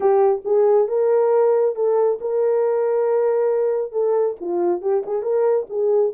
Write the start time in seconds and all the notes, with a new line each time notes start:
0.00 G4
0.44 G#4
0.88 A#4
1.75 A4
2.21 A#4
3.92 A4
4.40 F4
4.81 G4
5.06 G#4
5.22 A#4
5.69 G#4